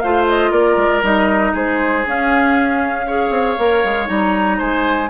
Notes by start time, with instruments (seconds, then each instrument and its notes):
0.00 bassoon A3, clarinet F4, oboe C5, flute F5
0.29 flute D#5
0.51 bassoon A#3, oboe A#4, flute D5
0.77 bassoon G#3
1.03 bassoon G3, clarinet D#4, flute D#5
1.54 bassoon G#3, oboe G#4, flute C5
2.06 bassoon C#4, clarinet C#4, flute F5
3.07 clarinet G#4, oboe C#5
3.30 bassoon C4
3.58 bassoon A#3, clarinet A#4
3.85 bassoon G#3
4.06 bassoon G3, clarinet D#4, flute A#5
4.58 bassoon G#3, oboe C5, flute G#5